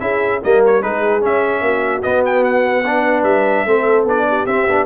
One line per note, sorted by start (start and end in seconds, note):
0.00 0.41 C#4
0.00 0.41 E4
0.00 0.41 G#4
0.00 0.41 E5
0.41 0.85 G3
0.41 0.82 A#3
0.41 0.81 A#4
0.41 0.64 D#5
0.66 0.82 C#5
0.81 1.23 G#3
0.81 1.21 D#4
0.81 1.62 G#4
0.81 1.23 B4
1.21 2.02 C#4
1.21 1.61 C#4
1.21 2.02 E5
1.61 2.01 A#3
1.61 2.85 F#4
2.02 2.84 B3
2.02 3.23 B3
2.02 2.23 D#5
2.25 2.44 G5
2.44 3.23 F#5
2.86 3.67 D4
2.86 3.66 B4
3.23 3.63 G3
3.23 4.05 E5
3.66 4.04 A3
3.66 4.07 C4
3.66 4.27 A4
4.04 4.45 B3
4.04 4.47 D4
4.04 4.46 D5
4.28 4.86 G4
4.46 4.66 C4
4.46 4.68 C4
4.46 4.86 E5
4.67 4.86 B3
4.67 4.86 D4